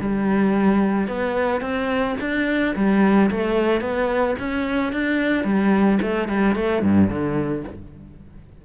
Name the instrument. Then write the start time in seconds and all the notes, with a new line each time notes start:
cello
0.00 G3
1.08 B3
1.61 C4
2.20 D4
2.75 G3
3.30 A3
3.81 B3
4.39 C#4
4.92 D4
5.44 G3
6.02 A3
6.28 G3
6.55 A3
6.82 G2
7.09 D3